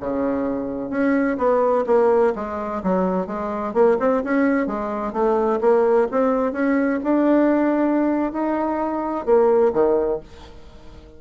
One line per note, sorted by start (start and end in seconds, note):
0.00 0.90 C#3
0.90 1.37 C#4
1.38 1.85 B3
1.87 2.34 A#3
2.35 2.82 G#3
2.83 3.27 F#3
3.27 3.74 G#3
3.74 3.97 A#3
4.00 4.23 C4
4.24 4.67 C#4
4.67 5.13 G#3
5.13 5.60 A3
5.61 6.08 A#3
6.12 6.53 C4
6.53 7.00 C#4
7.04 8.32 D4
8.32 9.26 D#4
9.26 9.73 A#3
9.73 10.20 D#3